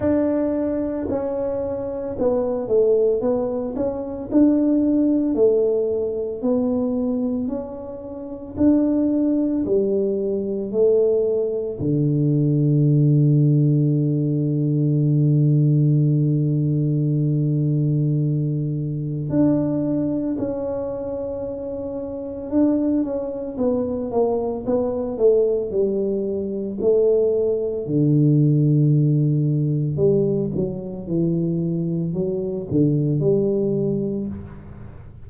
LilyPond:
\new Staff \with { instrumentName = "tuba" } { \time 4/4 \tempo 4 = 56 d'4 cis'4 b8 a8 b8 cis'8 | d'4 a4 b4 cis'4 | d'4 g4 a4 d4~ | d1~ |
d2 d'4 cis'4~ | cis'4 d'8 cis'8 b8 ais8 b8 a8 | g4 a4 d2 | g8 fis8 e4 fis8 d8 g4 | }